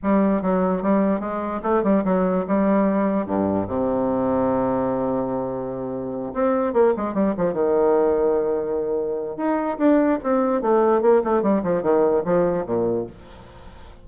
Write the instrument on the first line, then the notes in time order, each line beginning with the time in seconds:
bassoon
0.02 G3
0.42 F#3
0.82 G3
1.20 G#3
1.62 A3
1.83 G3
2.04 F#3
2.47 G3
3.26 G2
3.67 C3
6.33 C4
6.73 A#3
6.96 G#3
7.14 G3
7.37 F3
7.53 D#3
9.36 D#4
9.78 D4
10.23 C4
10.61 A3
11.01 A#3
11.24 A3
11.42 G3
11.63 F3
11.82 D#3
12.24 F3
12.65 A#2